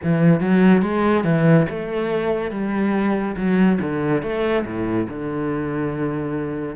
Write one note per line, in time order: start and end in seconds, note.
0.03 0.40 E3
0.40 0.81 F#3
0.81 1.24 G#3
1.24 1.66 E3
1.69 2.50 A3
2.50 3.35 G3
3.36 3.78 F#3
3.81 4.22 D3
4.22 4.64 A3
4.65 5.07 A2
5.09 6.75 D3